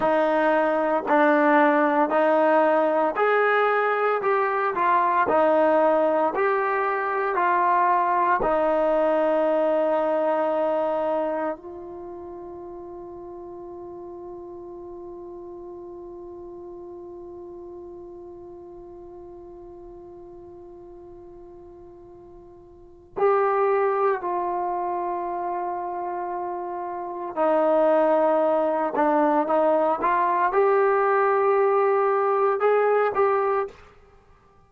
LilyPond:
\new Staff \with { instrumentName = "trombone" } { \time 4/4 \tempo 4 = 57 dis'4 d'4 dis'4 gis'4 | g'8 f'8 dis'4 g'4 f'4 | dis'2. f'4~ | f'1~ |
f'1~ | f'2 g'4 f'4~ | f'2 dis'4. d'8 | dis'8 f'8 g'2 gis'8 g'8 | }